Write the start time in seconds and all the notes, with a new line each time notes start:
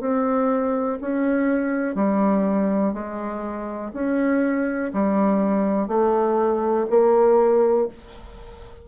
0.00 C4
1.01 C#4
1.95 G3
2.93 G#3
3.93 C#4
4.93 G3
5.88 A3
6.90 A#3